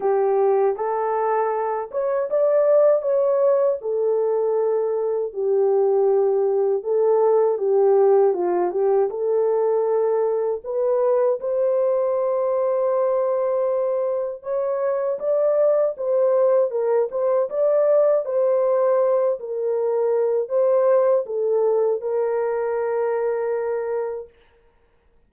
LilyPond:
\new Staff \with { instrumentName = "horn" } { \time 4/4 \tempo 4 = 79 g'4 a'4. cis''8 d''4 | cis''4 a'2 g'4~ | g'4 a'4 g'4 f'8 g'8 | a'2 b'4 c''4~ |
c''2. cis''4 | d''4 c''4 ais'8 c''8 d''4 | c''4. ais'4. c''4 | a'4 ais'2. | }